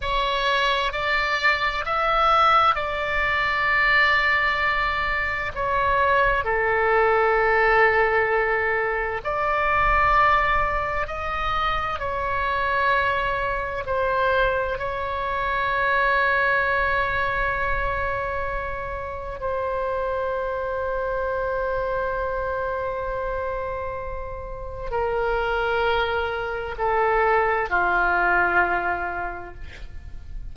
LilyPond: \new Staff \with { instrumentName = "oboe" } { \time 4/4 \tempo 4 = 65 cis''4 d''4 e''4 d''4~ | d''2 cis''4 a'4~ | a'2 d''2 | dis''4 cis''2 c''4 |
cis''1~ | cis''4 c''2.~ | c''2. ais'4~ | ais'4 a'4 f'2 | }